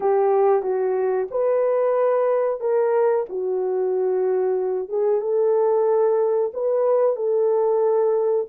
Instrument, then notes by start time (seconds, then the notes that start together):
horn
0.00 G4
0.62 F#4
1.30 B4
2.60 A#4
3.29 F#4
4.89 G#4
5.21 A4
6.53 B4
7.16 A4